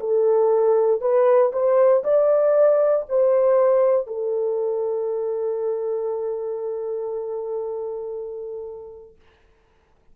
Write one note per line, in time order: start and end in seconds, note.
0.00 1.01 A4
1.01 1.52 B4
1.53 2.03 C5
2.04 3.06 D5
3.09 4.07 C5
4.07 9.16 A4